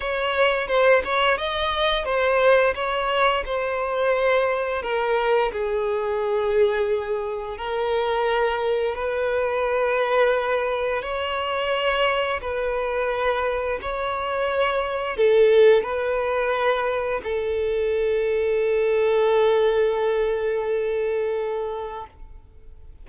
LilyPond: \new Staff \with { instrumentName = "violin" } { \time 4/4 \tempo 4 = 87 cis''4 c''8 cis''8 dis''4 c''4 | cis''4 c''2 ais'4 | gis'2. ais'4~ | ais'4 b'2. |
cis''2 b'2 | cis''2 a'4 b'4~ | b'4 a'2.~ | a'1 | }